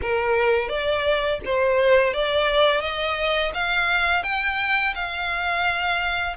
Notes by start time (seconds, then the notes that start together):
0.01 A#4
0.69 D5
1.45 C5
2.13 D5
2.80 D#5
3.54 F5
4.23 G5
4.94 F5